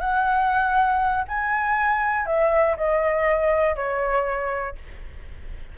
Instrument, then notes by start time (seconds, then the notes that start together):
flute
0.00 F#5
1.28 G#5
2.26 E5
2.77 D#5
3.76 C#5